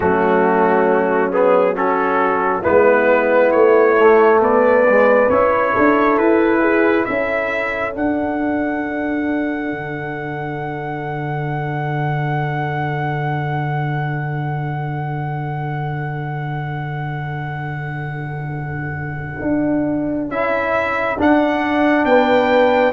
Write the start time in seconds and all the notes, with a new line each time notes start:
0.00 F#3 A3 C#4 F#4
1.32 B3 G#4
1.74 C#4 F#4 A4
2.61 G#3 B3 E4 B4
3.51 A3 C#5
3.99 A3
4.40 B3 B4 D5
4.89 G#3
5.29 C#4 E4 C#5
5.73 D4 A4
6.17 E4 B4
6.60 G#4
7.04 C#4 A4 E5
7.94 D4 F#5
9.71 D3
19.41 D4
20.28 C#4 E4 E5
21.17 D4 F#5
22.04 B3 B4 G5